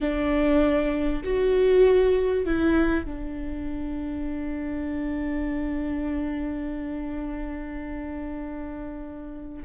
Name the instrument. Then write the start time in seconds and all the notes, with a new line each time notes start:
viola
0.01 D4
1.23 F#4
2.45 E4
3.05 D4